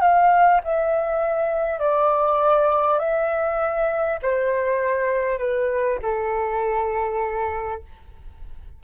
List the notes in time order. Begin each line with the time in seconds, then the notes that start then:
0.00 F5
0.63 E5
1.79 D5
2.99 E5
4.22 C5
5.38 B4
6.02 A4